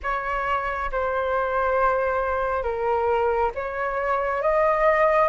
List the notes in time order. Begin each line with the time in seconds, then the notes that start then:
0.02 C#5
0.91 C5
2.63 A#4
3.54 C#5
4.42 D#5